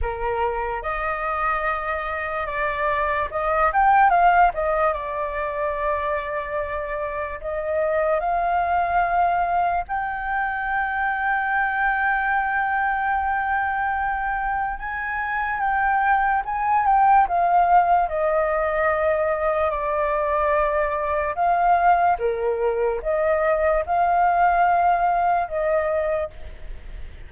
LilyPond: \new Staff \with { instrumentName = "flute" } { \time 4/4 \tempo 4 = 73 ais'4 dis''2 d''4 | dis''8 g''8 f''8 dis''8 d''2~ | d''4 dis''4 f''2 | g''1~ |
g''2 gis''4 g''4 | gis''8 g''8 f''4 dis''2 | d''2 f''4 ais'4 | dis''4 f''2 dis''4 | }